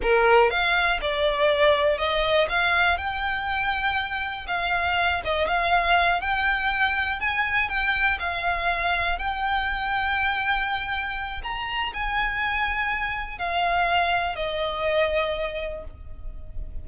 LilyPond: \new Staff \with { instrumentName = "violin" } { \time 4/4 \tempo 4 = 121 ais'4 f''4 d''2 | dis''4 f''4 g''2~ | g''4 f''4. dis''8 f''4~ | f''8 g''2 gis''4 g''8~ |
g''8 f''2 g''4.~ | g''2. ais''4 | gis''2. f''4~ | f''4 dis''2. | }